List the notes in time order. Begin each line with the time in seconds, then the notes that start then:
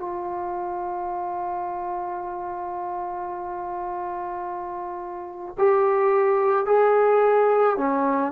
0.00 F4
5.59 G4
6.67 G#4
7.78 C#4